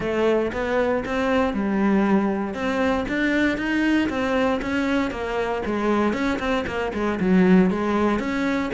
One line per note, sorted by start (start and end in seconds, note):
0.00 0.51 A3
0.52 1.03 B3
1.05 1.53 C4
1.53 2.54 G3
2.54 3.05 C4
3.08 3.57 D4
3.57 4.09 D#4
4.09 4.60 C4
4.61 5.10 C#4
5.10 5.62 A#3
5.65 6.13 G#3
6.13 6.38 C#4
6.39 6.64 C4
6.66 6.92 A#3
6.93 7.19 G#3
7.19 7.70 F#3
7.70 8.19 G#3
8.19 8.70 C#4